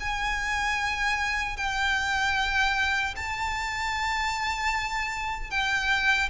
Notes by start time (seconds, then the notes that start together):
0.00 G#5
1.56 G5
3.16 A5
5.50 G5